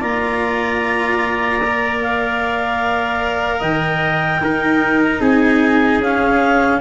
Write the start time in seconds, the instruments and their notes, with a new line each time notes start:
0.00 tuba A#3, cello F4, trumpet D5, clarinet A#5
1.63 cello A#4
2.02 clarinet F5
3.59 tuba D#3, trumpet D#5, clarinet G5
4.40 tuba D#4, cello D#4, trumpet A#4
5.03 clarinet A#5
5.20 tuba C4, trumpet G#4, clarinet G#5
5.98 tuba C#4, cello C#4, clarinet F5